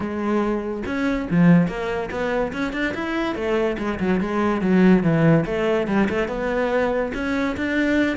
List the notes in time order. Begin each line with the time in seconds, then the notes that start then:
0.00 G#3
0.86 C#4
1.30 F3
1.67 A#3
2.10 B3
2.53 C#4
2.73 D4
2.94 E4
3.35 A3
3.78 G#3
3.99 F#3
4.20 G#3
4.61 F#3
5.03 E3
5.45 A3
5.87 G3
6.09 A3
6.27 B3
7.14 C#4
7.56 D4